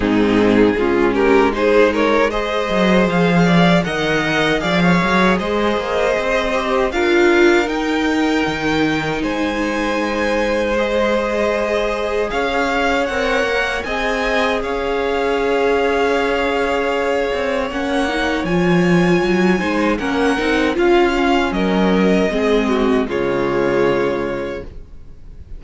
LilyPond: <<
  \new Staff \with { instrumentName = "violin" } { \time 4/4 \tempo 4 = 78 gis'4. ais'8 c''8 cis''8 dis''4 | f''4 fis''4 f''4 dis''4~ | dis''4 f''4 g''2 | gis''2 dis''2 |
f''4 fis''4 gis''4 f''4~ | f''2. fis''4 | gis''2 fis''4 f''4 | dis''2 cis''2 | }
  \new Staff \with { instrumentName = "violin" } { \time 4/4 dis'4 f'8 g'8 gis'8 ais'8 c''4~ | c''8 d''8 dis''4 d''16 cis''8. c''4~ | c''4 ais'2. | c''1 |
cis''2 dis''4 cis''4~ | cis''1~ | cis''4. c''8 ais'4 f'4 | ais'4 gis'8 fis'8 f'2 | }
  \new Staff \with { instrumentName = "viola" } { \time 4/4 c'4 cis'4 dis'4 gis'4~ | gis'4 ais'4 gis'2~ | gis'8 g'8 f'4 dis'2~ | dis'2 gis'2~ |
gis'4 ais'4 gis'2~ | gis'2. cis'8 dis'8 | f'4. dis'8 cis'8 dis'8 f'8 cis'8~ | cis'4 c'4 gis2 | }
  \new Staff \with { instrumentName = "cello" } { \time 4/4 gis,4 gis2~ gis8 fis8 | f4 dis4 f8 fis8 gis8 ais8 | c'4 d'4 dis'4 dis4 | gis1 |
cis'4 c'8 ais8 c'4 cis'4~ | cis'2~ cis'8 c'8 ais4 | f4 fis8 gis8 ais8 c'8 cis'4 | fis4 gis4 cis2 | }
>>